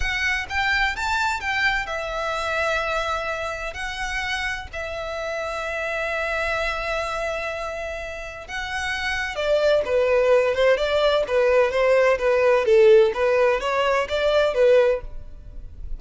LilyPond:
\new Staff \with { instrumentName = "violin" } { \time 4/4 \tempo 4 = 128 fis''4 g''4 a''4 g''4 | e''1 | fis''2 e''2~ | e''1~ |
e''2 fis''2 | d''4 b'4. c''8 d''4 | b'4 c''4 b'4 a'4 | b'4 cis''4 d''4 b'4 | }